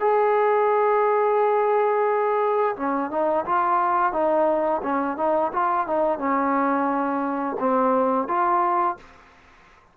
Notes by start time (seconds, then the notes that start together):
0.00 G#4
2.76 C#4
3.11 D#4
3.45 F4
4.13 D#4
4.83 C#4
5.17 D#4
5.53 F4
5.87 D#4
6.19 C#4
7.60 C4
8.28 F4